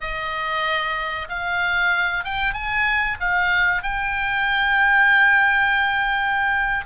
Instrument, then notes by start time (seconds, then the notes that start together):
oboe
0.00 D#5
1.29 F5
2.24 G5
2.53 G#5
3.20 F5
3.82 G5